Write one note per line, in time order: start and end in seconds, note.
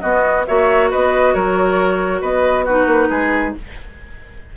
0.00 0.46 B3
0.00 0.45 F#4
0.00 0.44 D#5
0.46 0.92 A#3
0.46 2.66 F#4
0.46 0.90 C#5
0.46 0.90 E5
0.90 1.35 B3
0.90 1.34 B4
0.90 1.33 D#5
1.33 2.22 F#3
1.33 2.21 A#4
1.33 2.21 C#5
2.21 2.86 B3
2.21 2.64 B4
2.21 2.66 D#5
2.64 3.56 D#4
2.64 3.08 F#4
2.64 3.55 B4
2.86 3.08 A#3
3.10 3.54 G#3
3.10 3.53 G#4